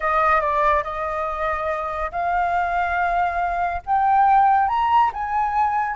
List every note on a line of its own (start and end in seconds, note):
0.00 0.40 D#5
0.40 0.83 D5
0.83 2.11 D#5
2.11 3.82 F5
3.85 4.68 G5
4.68 5.10 A#5
5.13 5.96 G#5